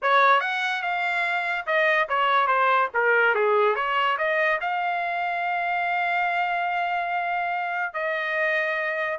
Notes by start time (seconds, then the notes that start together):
0.02 C#5
0.40 F#5
0.82 F5
1.66 D#5
2.09 C#5
2.47 C5
2.94 A#4
3.34 G#4
3.75 C#5
4.17 D#5
4.60 F5
7.93 D#5